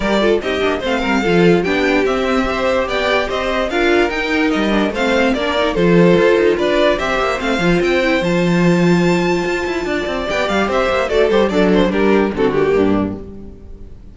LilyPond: <<
  \new Staff \with { instrumentName = "violin" } { \time 4/4 \tempo 4 = 146 d''4 dis''4 f''2 | g''4 e''2 g''4 | dis''4 f''4 g''4 dis''4 | f''4 d''4 c''2 |
d''4 e''4 f''4 g''4 | a''1~ | a''4 g''8 f''8 e''4 d''8 c''8 | d''8 c''8 ais'4 a'8 g'4. | }
  \new Staff \with { instrumentName = "violin" } { \time 4/4 ais'8 a'8 g'4 c''8 ais'8 a'4 | g'2 c''4 d''4 | c''4 ais'2. | c''4 ais'4 a'2 |
b'4 c''2.~ | c''1 | d''2 c''4 a'4 | d'4 g'4 fis'4 d'4 | }
  \new Staff \with { instrumentName = "viola" } { \time 4/4 g'8 f'8 dis'8 d'8 c'4 f'4 | d'4 c'4 g'2~ | g'4 f'4 dis'4. d'8 | c'4 d'8 dis'8 f'2~ |
f'4 g'4 c'8 f'4 e'8 | f'1~ | f'4 g'2 fis'8 g'8 | a'4 d'4 c'8 ais4. | }
  \new Staff \with { instrumentName = "cello" } { \time 4/4 g4 c'8 ais8 a8 g8 f4 | b4 c'2 b4 | c'4 d'4 dis'4 g4 | a4 ais4 f4 f'8 dis'8 |
d'4 c'8 ais8 a8 f8 c'4 | f2. f'8 e'8 | d'8 c'8 b8 g8 c'8 ais8 a8 g8 | fis4 g4 d4 g,4 | }
>>